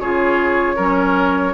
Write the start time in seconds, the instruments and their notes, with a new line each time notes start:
0.00 bassoon C#3, clarinet F4, oboe G#4, flute C#5
0.76 bassoon F#3, clarinet C#4, oboe A#4